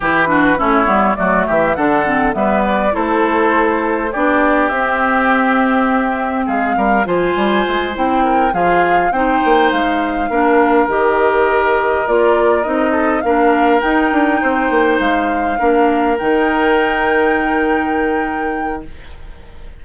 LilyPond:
<<
  \new Staff \with { instrumentName = "flute" } { \time 4/4 \tempo 4 = 102 b'4 cis''4 d''8 e''8 fis''4 | e''8 d''8 c''2 d''4 | e''2. f''4 | gis''4. g''4 f''4 g''8~ |
g''8 f''2 dis''4.~ | dis''8 d''4 dis''4 f''4 g''8~ | g''4. f''2 g''8~ | g''1 | }
  \new Staff \with { instrumentName = "oboe" } { \time 4/4 g'8 fis'8 e'4 fis'8 g'8 a'4 | b'4 a'2 g'4~ | g'2. gis'8 ais'8 | c''2 ais'8 gis'4 c''8~ |
c''4. ais'2~ ais'8~ | ais'2 a'8 ais'4.~ | ais'8 c''2 ais'4.~ | ais'1 | }
  \new Staff \with { instrumentName = "clarinet" } { \time 4/4 e'8 d'8 cis'8 b8 a4 d'8 c'8 | b4 e'2 d'4 | c'1 | f'4. e'4 f'4 dis'8~ |
dis'4. d'4 g'4.~ | g'8 f'4 dis'4 d'4 dis'8~ | dis'2~ dis'8 d'4 dis'8~ | dis'1 | }
  \new Staff \with { instrumentName = "bassoon" } { \time 4/4 e4 a8 g8 fis8 e8 d4 | g4 a2 b4 | c'2. gis8 g8 | f8 g8 gis8 c'4 f4 c'8 |
ais8 gis4 ais4 dis4.~ | dis8 ais4 c'4 ais4 dis'8 | d'8 c'8 ais8 gis4 ais4 dis8~ | dis1 | }
>>